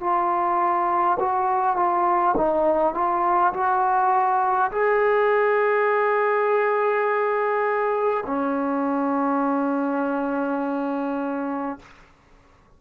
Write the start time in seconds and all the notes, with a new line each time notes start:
0.00 F4
1.19 F#4
1.76 F4
2.37 D#4
2.94 F4
3.53 F#4
4.71 G#4
8.26 C#4